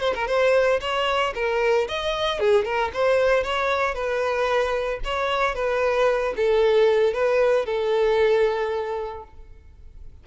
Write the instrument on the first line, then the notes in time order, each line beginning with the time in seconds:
violin
0.00 C5
0.15 A#4
0.27 C5
0.81 C#5
1.34 A#4
1.88 D#5
2.39 G#4
2.65 A#4
2.93 C5
3.43 C#5
3.94 B4
5.04 C#5
5.55 B4
6.36 A4
7.13 B4
7.65 A4